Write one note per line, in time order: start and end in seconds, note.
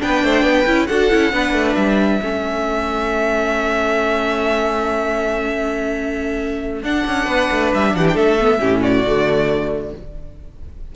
0.00 0.24 B3
0.00 0.66 D4
0.00 0.25 B4
0.00 0.87 G5
0.24 0.43 A3
0.24 0.44 C5
0.43 0.65 B3
0.43 0.88 B4
0.67 0.89 C#4
0.67 0.89 E4
0.87 1.12 D4
0.87 1.11 F#4
0.87 1.33 A4
0.87 1.75 F#5
1.11 1.33 C#4
1.11 1.33 E4
1.33 1.53 B3
1.33 2.21 D4
1.33 2.22 B4
1.53 1.75 A3
1.75 2.21 G3
1.75 6.82 E5
2.22 6.83 A3
2.22 6.84 C#4
2.22 7.25 A4
6.83 7.05 D4
6.83 8.39 D4
6.83 7.73 F#5
7.07 7.27 C#4
7.25 7.49 B3
7.25 7.91 B4
7.52 7.74 A3
7.74 7.96 G3
7.74 7.96 E5
7.96 8.16 E3
7.96 8.14 G4
7.96 8.07 F#5
8.09 8.59 A4
8.09 8.17 G5
8.16 8.60 A3
8.16 8.82 E5
8.40 8.60 B3
8.60 9.05 A2
8.60 9.04 C#4
8.60 8.81 G4
8.81 9.91 F#4
8.81 9.93 D5
9.05 9.93 D3
9.05 9.96 A3